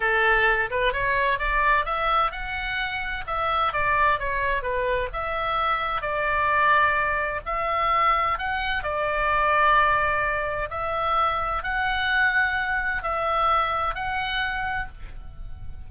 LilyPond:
\new Staff \with { instrumentName = "oboe" } { \time 4/4 \tempo 4 = 129 a'4. b'8 cis''4 d''4 | e''4 fis''2 e''4 | d''4 cis''4 b'4 e''4~ | e''4 d''2. |
e''2 fis''4 d''4~ | d''2. e''4~ | e''4 fis''2. | e''2 fis''2 | }